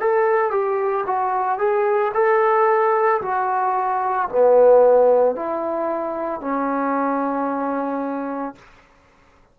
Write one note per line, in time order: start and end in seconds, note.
0.00 0.51 A4
0.51 1.05 G4
1.07 1.58 F#4
1.58 2.12 G#4
2.14 3.21 A4
3.21 4.29 F#4
4.30 5.36 B3
5.36 6.41 E4
6.41 8.55 C#4